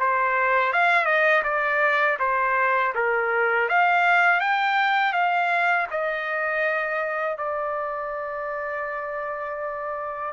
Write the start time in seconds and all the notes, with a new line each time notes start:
0.00 C5
0.73 F5
1.06 D#5
1.44 D5
2.20 C5
2.96 A#4
3.69 F5
4.41 G5
5.13 F5
5.92 D#5
7.38 D5